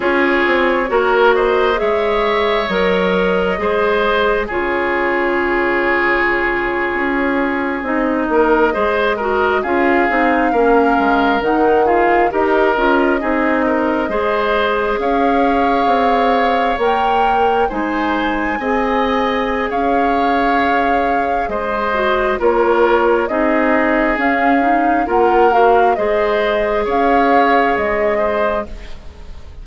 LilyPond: <<
  \new Staff \with { instrumentName = "flute" } { \time 4/4 \tempo 4 = 67 cis''4. dis''8 e''4 dis''4~ | dis''4 cis''2.~ | cis''8. dis''2 f''4~ f''16~ | f''8. fis''8 f''8 dis''2~ dis''16~ |
dis''8. f''2 g''4 gis''16~ | gis''2 f''2 | dis''4 cis''4 dis''4 f''4 | fis''8 f''8 dis''4 f''4 dis''4 | }
  \new Staff \with { instrumentName = "oboe" } { \time 4/4 gis'4 ais'8 c''8 cis''2 | c''4 gis'2.~ | gis'4~ gis'16 ais'8 c''8 ais'8 gis'4 ais'16~ | ais'4~ ais'16 gis'8 ais'4 gis'8 ais'8 c''16~ |
c''8. cis''2. c''16~ | c''8. dis''4~ dis''16 cis''2 | c''4 ais'4 gis'2 | ais'4 c''4 cis''4. c''8 | }
  \new Staff \with { instrumentName = "clarinet" } { \time 4/4 f'4 fis'4 gis'4 ais'4 | gis'4 f'2.~ | f'8. dis'4 gis'8 fis'8 f'8 dis'8 cis'16~ | cis'8. dis'8 f'8 g'8 f'8 dis'4 gis'16~ |
gis'2~ gis'8. ais'4 dis'16~ | dis'8. gis'2.~ gis'16~ | gis'8 fis'8 f'4 dis'4 cis'8 dis'8 | f'8 fis'8 gis'2. | }
  \new Staff \with { instrumentName = "bassoon" } { \time 4/4 cis'8 c'8 ais4 gis4 fis4 | gis4 cis2~ cis8. cis'16~ | cis'8. c'8 ais8 gis4 cis'8 c'8 ais16~ | ais16 gis8 dis4 dis'8 cis'8 c'4 gis16~ |
gis8. cis'4 c'4 ais4 gis16~ | gis8. c'4~ c'16 cis'2 | gis4 ais4 c'4 cis'4 | ais4 gis4 cis'4 gis4 | }
>>